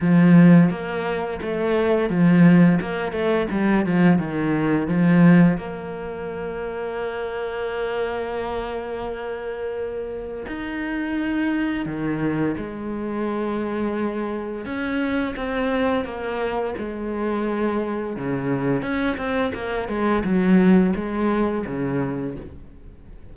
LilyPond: \new Staff \with { instrumentName = "cello" } { \time 4/4 \tempo 4 = 86 f4 ais4 a4 f4 | ais8 a8 g8 f8 dis4 f4 | ais1~ | ais2. dis'4~ |
dis'4 dis4 gis2~ | gis4 cis'4 c'4 ais4 | gis2 cis4 cis'8 c'8 | ais8 gis8 fis4 gis4 cis4 | }